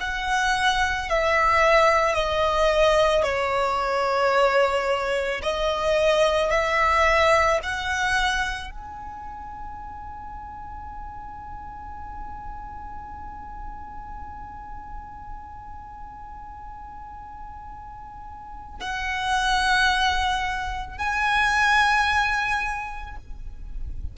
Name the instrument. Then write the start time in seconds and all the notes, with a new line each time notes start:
violin
0.00 F#5
1.09 E5
2.14 D#5
3.23 C#5
5.42 D#5
6.51 E5
7.63 F#5
8.71 G#5
18.80 F#5
20.98 G#5